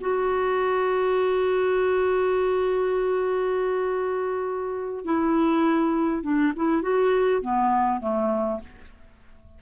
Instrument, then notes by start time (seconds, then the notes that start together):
clarinet
0.00 F#4
5.05 E4
6.23 D4
6.56 E4
6.82 F#4
7.41 B3
8.00 A3